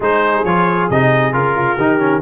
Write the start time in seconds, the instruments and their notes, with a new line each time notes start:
0.00 tuba G#3, trombone D#4, horn G#4, trumpet C5
0.44 tuba F3, trombone F4, trumpet C#5
0.89 tuba C3, trombone D#4, trumpet D#5
1.32 tuba C#3, trombone F4, trumpet A#4
1.54 horn F4
1.76 tuba D#3, trombone D#4, horn G4
1.99 trombone C#4